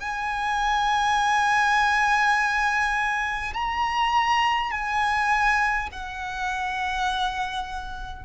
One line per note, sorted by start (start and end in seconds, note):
0.00 3.53 G#5
3.54 4.71 A#5
4.71 5.89 G#5
5.92 8.25 F#5